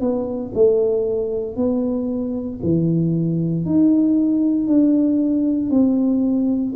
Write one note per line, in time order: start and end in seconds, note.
0.00 0.52 B3
0.54 1.56 A3
1.56 2.59 B3
2.63 3.65 E3
3.65 4.67 D#4
4.67 5.70 D4
5.70 6.73 C4